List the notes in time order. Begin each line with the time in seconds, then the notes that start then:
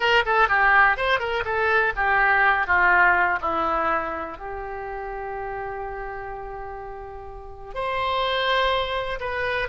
0.00 A#4
0.25 A4
0.48 G4
0.97 C5
1.19 A#4
1.44 A4
1.96 G4
2.66 F4
3.41 E4
4.37 G4
7.74 C5
9.20 B4